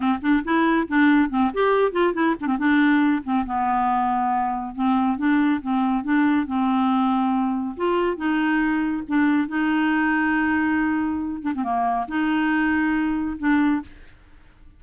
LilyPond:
\new Staff \with { instrumentName = "clarinet" } { \time 4/4 \tempo 4 = 139 c'8 d'8 e'4 d'4 c'8 g'8~ | g'8 f'8 e'8 d'16 c'16 d'4. c'8 | b2. c'4 | d'4 c'4 d'4 c'4~ |
c'2 f'4 dis'4~ | dis'4 d'4 dis'2~ | dis'2~ dis'8 d'16 c'16 ais4 | dis'2. d'4 | }